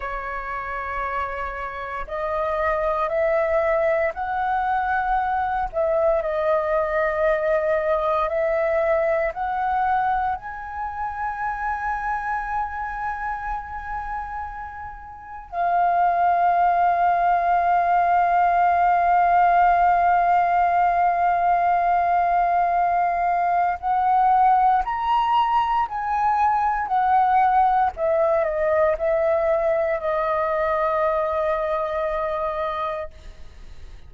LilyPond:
\new Staff \with { instrumentName = "flute" } { \time 4/4 \tempo 4 = 58 cis''2 dis''4 e''4 | fis''4. e''8 dis''2 | e''4 fis''4 gis''2~ | gis''2. f''4~ |
f''1~ | f''2. fis''4 | ais''4 gis''4 fis''4 e''8 dis''8 | e''4 dis''2. | }